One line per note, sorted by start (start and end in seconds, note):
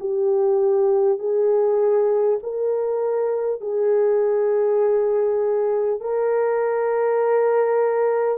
0.00 1.18 G4
1.18 2.38 G#4
2.43 3.60 A#4
3.60 6.00 G#4
6.00 8.38 A#4